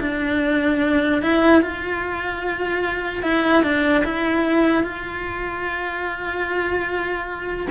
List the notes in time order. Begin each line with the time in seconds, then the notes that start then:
0.00 D4
1.21 E4
1.61 F4
3.22 E4
3.62 D4
4.04 E4
4.83 F4